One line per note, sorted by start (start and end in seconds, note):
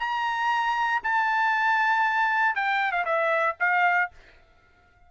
0.00 1.03 A#5
1.04 2.56 A5
2.56 2.92 G5
2.92 3.05 F5
3.05 3.57 E5
3.60 4.11 F5